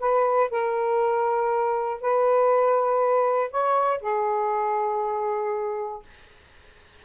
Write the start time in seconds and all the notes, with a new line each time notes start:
0.00 B4
0.51 A#4
2.01 B4
3.51 C#5
4.01 G#4